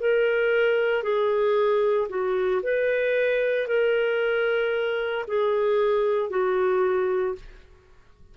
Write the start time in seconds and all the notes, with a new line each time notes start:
0.00 A#4
1.03 G#4
2.10 F#4
2.63 B4
3.68 A#4
5.28 G#4
6.30 F#4